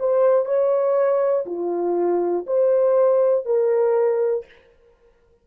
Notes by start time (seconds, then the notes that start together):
0.00 C5
0.46 C#5
1.46 F4
2.47 C5
3.46 A#4